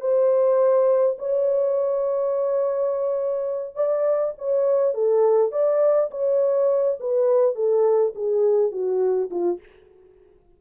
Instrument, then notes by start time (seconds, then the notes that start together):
horn
0.00 C5
1.18 C#5
3.75 D5
4.38 C#5
4.94 A4
5.51 D5
6.11 C#5
7.00 B4
7.55 A4
8.15 G#4
8.71 F#4
9.30 F4